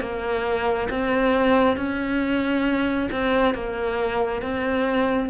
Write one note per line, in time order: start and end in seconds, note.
0.00 0.88 A#3
0.89 1.76 C4
1.76 3.09 C#4
3.11 3.54 C4
3.54 4.42 A#3
4.42 5.29 C4